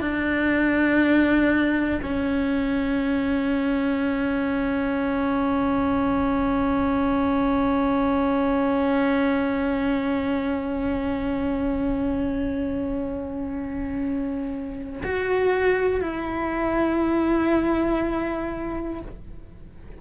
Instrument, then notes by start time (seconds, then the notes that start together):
cello
0.00 D4
2.02 C#4
15.04 F#4
16.01 E4